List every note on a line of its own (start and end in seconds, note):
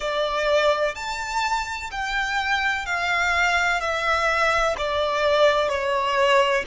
0.00 0.95 D5
0.95 1.90 A5
1.90 2.86 G5
2.86 3.80 F5
3.80 4.75 E5
4.77 5.68 D5
5.68 6.64 C#5